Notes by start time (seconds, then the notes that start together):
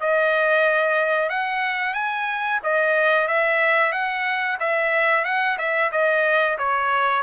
0.00 D#5
1.29 F#5
1.94 G#5
2.63 D#5
3.28 E5
3.92 F#5
4.60 E5
5.24 F#5
5.58 E5
5.92 D#5
6.58 C#5